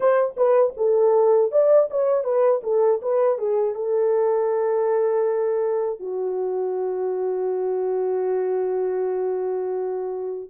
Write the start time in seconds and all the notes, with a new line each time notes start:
0.00 C5
0.36 B4
0.76 A4
1.51 D5
1.90 C#5
2.23 B4
2.63 A4
3.02 B4
3.38 G#4
3.74 A4
5.99 F#4